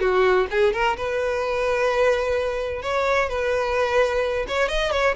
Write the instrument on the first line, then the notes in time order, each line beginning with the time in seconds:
violin
0.00 F#4
0.50 G#4
0.73 A#4
0.97 B4
2.82 C#5
3.29 B4
4.48 C#5
4.69 D#5
4.92 C#5